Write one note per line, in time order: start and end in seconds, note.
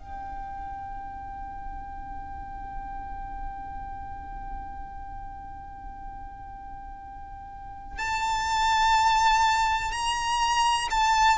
0.00 7.98 G5
7.98 9.92 A5
9.92 10.89 A#5
10.90 11.38 A5